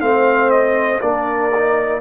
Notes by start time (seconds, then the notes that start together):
0.00 A3 C4 C5 F5
0.50 D#5
1.01 A#3 D4 A#4 D5
1.55 D#4